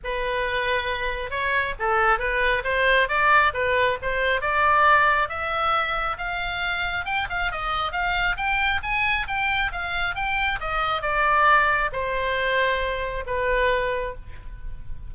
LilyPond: \new Staff \with { instrumentName = "oboe" } { \time 4/4 \tempo 4 = 136 b'2. cis''4 | a'4 b'4 c''4 d''4 | b'4 c''4 d''2 | e''2 f''2 |
g''8 f''8 dis''4 f''4 g''4 | gis''4 g''4 f''4 g''4 | dis''4 d''2 c''4~ | c''2 b'2 | }